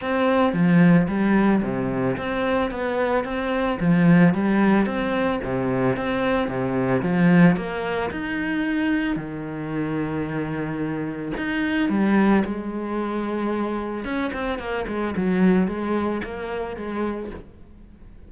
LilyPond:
\new Staff \with { instrumentName = "cello" } { \time 4/4 \tempo 4 = 111 c'4 f4 g4 c4 | c'4 b4 c'4 f4 | g4 c'4 c4 c'4 | c4 f4 ais4 dis'4~ |
dis'4 dis2.~ | dis4 dis'4 g4 gis4~ | gis2 cis'8 c'8 ais8 gis8 | fis4 gis4 ais4 gis4 | }